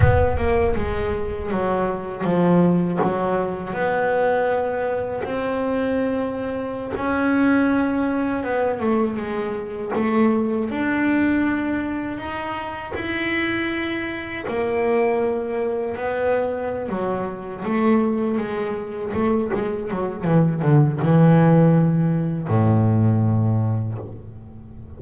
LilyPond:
\new Staff \with { instrumentName = "double bass" } { \time 4/4 \tempo 4 = 80 b8 ais8 gis4 fis4 f4 | fis4 b2 c'4~ | c'4~ c'16 cis'2 b8 a16~ | a16 gis4 a4 d'4.~ d'16~ |
d'16 dis'4 e'2 ais8.~ | ais4~ ais16 b4~ b16 fis4 a8~ | a8 gis4 a8 gis8 fis8 e8 d8 | e2 a,2 | }